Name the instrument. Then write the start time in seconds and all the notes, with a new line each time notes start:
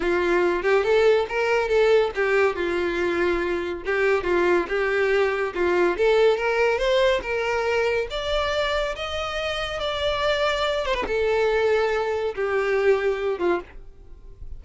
violin
0.00 F4
0.62 G4
0.84 A4
1.28 A#4
1.68 A4
2.15 G4
2.55 F4
3.85 G4
4.23 F4
4.68 G4
5.54 F4
5.97 A4
6.37 A#4
6.78 C5
7.22 A#4
8.10 D5
8.95 D#5
9.79 D5
10.85 C5
10.94 B4
11.07 A4
12.35 G4
13.38 F4